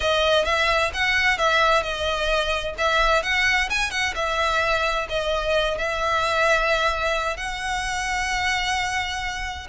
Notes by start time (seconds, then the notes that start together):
0.00 D#5
0.44 E5
0.93 F#5
1.38 E5
1.82 D#5
2.78 E5
3.23 F#5
3.69 G#5
3.90 F#5
4.15 E5
5.09 D#5
5.77 E5
7.36 F#5